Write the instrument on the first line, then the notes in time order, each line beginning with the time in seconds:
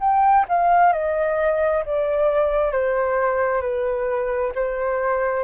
flute
0.00 G5
0.49 F5
0.93 D#5
1.85 D5
2.72 C5
3.61 B4
4.55 C5